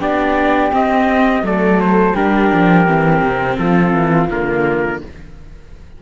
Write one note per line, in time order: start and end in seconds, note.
0.00 0.71 B3
0.00 0.72 D4
0.00 1.43 G4
0.00 0.73 D5
0.72 1.43 C4
0.72 1.46 D#5
1.43 2.14 F#3
1.43 2.15 A3
1.43 2.15 A4
1.43 1.81 D5
1.81 2.17 C5
2.15 2.52 G3
2.15 2.87 D4
2.15 3.58 G4
2.15 3.58 A#4
2.53 2.88 F3
2.87 3.22 E3
2.87 4.29 C4
3.22 3.58 C3
3.58 3.94 F3
3.58 5.02 F4
3.58 4.30 A4
3.94 4.29 E3
4.31 5.02 D3
4.31 5.03 A#3
4.31 5.03 A#4